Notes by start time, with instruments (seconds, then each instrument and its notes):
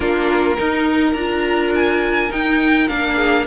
0.00 cello A#3, viola D4, violin F4 A#4
0.57 viola D#4, cello D#4, violin A#4
1.13 cello D4, viola F4, violin A#5
1.75 violin G#5
2.29 viola D#4, cello D#4, violin G5
2.88 cello A#3, viola D4, violin F5
3.14 violin G#4